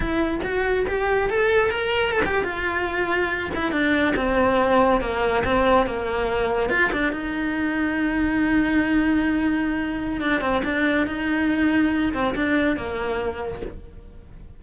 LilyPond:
\new Staff \with { instrumentName = "cello" } { \time 4/4 \tempo 4 = 141 e'4 fis'4 g'4 a'4 | ais'4 a'16 g'8 f'2~ f'16~ | f'16 e'8 d'4 c'2 ais16~ | ais8. c'4 ais2 f'16~ |
f'16 d'8 dis'2.~ dis'16~ | dis'1 | d'8 c'8 d'4 dis'2~ | dis'8 c'8 d'4 ais2 | }